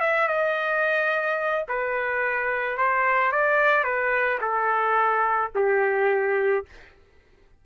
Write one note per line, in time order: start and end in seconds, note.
0.00 0.28 E5
0.28 1.65 D#5
1.68 2.77 B4
2.77 3.32 C5
3.32 3.83 D5
3.83 4.38 B4
4.41 5.51 A4
5.55 6.65 G4